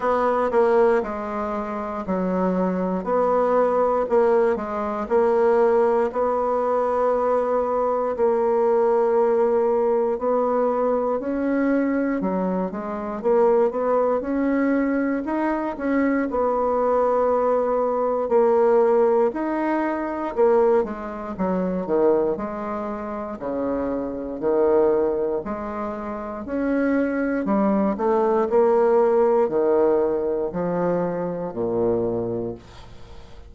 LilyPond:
\new Staff \with { instrumentName = "bassoon" } { \time 4/4 \tempo 4 = 59 b8 ais8 gis4 fis4 b4 | ais8 gis8 ais4 b2 | ais2 b4 cis'4 | fis8 gis8 ais8 b8 cis'4 dis'8 cis'8 |
b2 ais4 dis'4 | ais8 gis8 fis8 dis8 gis4 cis4 | dis4 gis4 cis'4 g8 a8 | ais4 dis4 f4 ais,4 | }